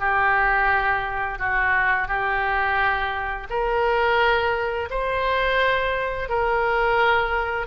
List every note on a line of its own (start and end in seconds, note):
0.00 1.39 G4
1.39 2.08 F#4
2.08 3.48 G4
3.50 4.89 A#4
4.90 6.29 C5
6.29 7.67 A#4